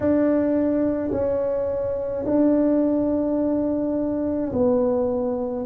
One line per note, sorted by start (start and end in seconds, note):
0.00 1.10 D4
1.11 2.24 C#4
2.25 4.52 D4
4.52 5.66 B3